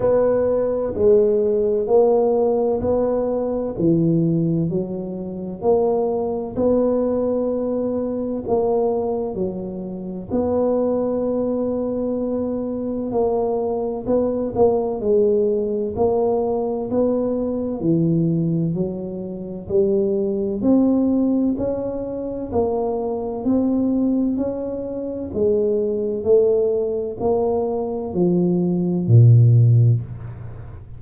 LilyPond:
\new Staff \with { instrumentName = "tuba" } { \time 4/4 \tempo 4 = 64 b4 gis4 ais4 b4 | e4 fis4 ais4 b4~ | b4 ais4 fis4 b4~ | b2 ais4 b8 ais8 |
gis4 ais4 b4 e4 | fis4 g4 c'4 cis'4 | ais4 c'4 cis'4 gis4 | a4 ais4 f4 ais,4 | }